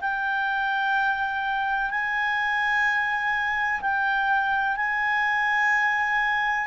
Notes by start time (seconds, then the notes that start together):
0.00 G5
1.90 G#5
3.81 G5
4.76 G#5